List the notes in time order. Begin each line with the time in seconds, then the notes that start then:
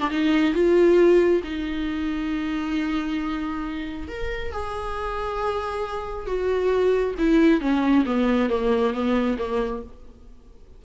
0.00 D4
0.10 D#4
0.54 F4
1.44 D#4
4.08 A#4
4.53 G#4
6.27 F#4
7.19 E4
7.61 C#4
8.06 B3
8.50 A#3
8.93 B3
9.39 A#3